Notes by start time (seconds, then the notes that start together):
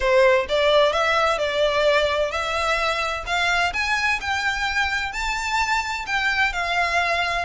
0.00 C5
0.49 D5
0.92 E5
1.38 D5
2.31 E5
3.26 F5
3.73 G#5
4.20 G5
5.12 A5
6.06 G5
6.52 F5